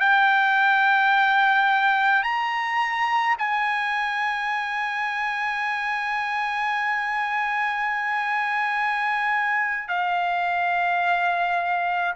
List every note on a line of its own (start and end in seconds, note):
0.00 2.23 G5
2.23 3.37 A#5
3.39 9.89 G#5
9.89 12.15 F5